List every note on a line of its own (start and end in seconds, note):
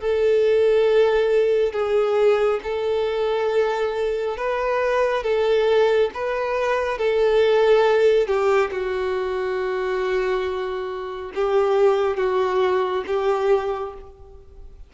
0.00 1.73 A4
1.73 2.60 G#4
2.63 4.37 A4
4.37 5.23 B4
5.23 6.10 A4
6.14 6.98 B4
6.98 8.27 A4
8.27 8.70 G4
8.71 11.32 F#4
11.35 12.17 G4
12.17 13.04 F#4
13.07 13.94 G4